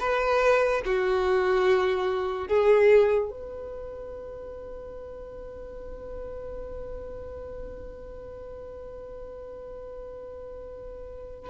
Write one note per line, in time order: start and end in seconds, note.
0.00 0.82 B4
0.86 2.48 F#4
2.48 3.30 G#4
3.31 11.50 B4